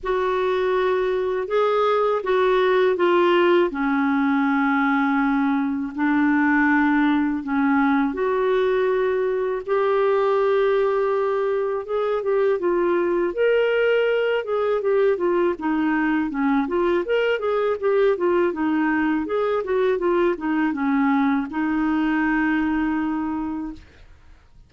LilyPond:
\new Staff \with { instrumentName = "clarinet" } { \time 4/4 \tempo 4 = 81 fis'2 gis'4 fis'4 | f'4 cis'2. | d'2 cis'4 fis'4~ | fis'4 g'2. |
gis'8 g'8 f'4 ais'4. gis'8 | g'8 f'8 dis'4 cis'8 f'8 ais'8 gis'8 | g'8 f'8 dis'4 gis'8 fis'8 f'8 dis'8 | cis'4 dis'2. | }